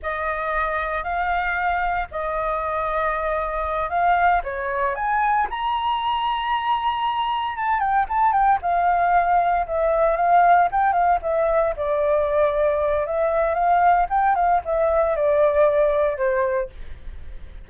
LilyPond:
\new Staff \with { instrumentName = "flute" } { \time 4/4 \tempo 4 = 115 dis''2 f''2 | dis''2.~ dis''8 f''8~ | f''8 cis''4 gis''4 ais''4.~ | ais''2~ ais''8 a''8 g''8 a''8 |
g''8 f''2 e''4 f''8~ | f''8 g''8 f''8 e''4 d''4.~ | d''4 e''4 f''4 g''8 f''8 | e''4 d''2 c''4 | }